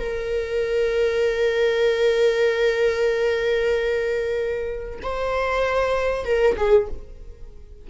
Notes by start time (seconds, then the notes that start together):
0.00 A#4
5.03 C5
6.25 A#4
6.57 G#4